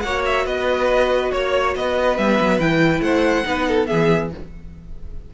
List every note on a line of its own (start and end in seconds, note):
0.00 0.45 A#3
0.00 2.18 F#4
0.00 0.45 C#5
0.00 0.21 F#5
0.25 0.46 E5
0.45 1.31 B3
0.45 1.31 B4
0.45 1.31 D#5
1.31 1.75 A#3
1.31 1.74 C#5
1.31 1.77 C#5
1.75 2.18 B3
1.75 3.02 B4
1.75 2.17 D#5
2.17 2.39 G3
2.17 2.60 B3
2.17 2.59 E5
2.40 2.59 F#3
2.59 3.00 E3
2.59 3.44 E4
2.59 3.00 G5
3.00 3.43 A3
3.00 3.45 C5
3.00 3.86 F#5
3.44 3.89 B3
3.44 3.86 D#4
3.44 3.68 B4
3.68 3.88 A4
3.86 4.34 E3
3.86 4.30 B3
3.86 4.31 G#4
3.86 4.29 E5